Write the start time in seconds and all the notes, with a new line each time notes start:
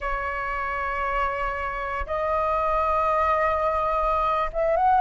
0.00 C#5
2.06 D#5
4.52 E5
4.76 F#5